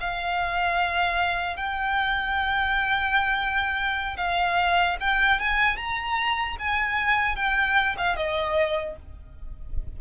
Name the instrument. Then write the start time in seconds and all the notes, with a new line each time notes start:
violin
0.00 F5
1.56 G5
4.17 F5
5.00 G5
5.39 G#5
5.76 A#5
6.59 G#5
7.35 G5
7.97 F5
8.16 D#5